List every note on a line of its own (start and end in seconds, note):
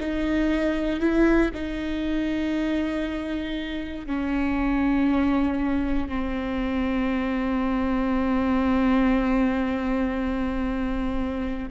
0.00 1.00 D#4
1.00 1.51 E4
1.54 4.06 D#4
4.06 6.09 C#4
6.09 11.68 C4